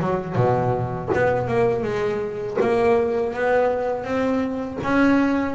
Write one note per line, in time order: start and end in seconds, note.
0.00 0.35 F#3
0.35 1.09 B2
1.14 1.47 B3
1.47 1.83 A#3
1.83 2.57 G#3
2.61 3.34 A#3
3.34 4.04 B3
4.04 4.78 C4
4.83 5.55 C#4